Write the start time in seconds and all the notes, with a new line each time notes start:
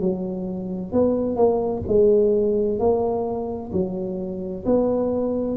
0.00 F#3
0.92 B3
1.36 A#3
1.87 G#3
2.79 A#3
3.72 F#3
4.65 B3